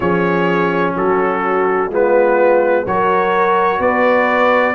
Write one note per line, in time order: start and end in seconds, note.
0.00 0.95 F3
0.00 1.91 C#4
0.00 0.94 G#4
0.00 0.94 C#5
0.95 1.89 F#3
0.95 1.89 F#4
0.95 1.92 A4
1.89 2.84 G#3
1.89 2.86 B3
1.89 2.84 F4
1.89 2.86 B4
2.85 3.79 F#3
2.85 4.74 F#4
2.85 3.79 A#4
2.85 3.81 C#5
3.79 4.74 B3
3.79 4.74 B4
3.79 4.74 D5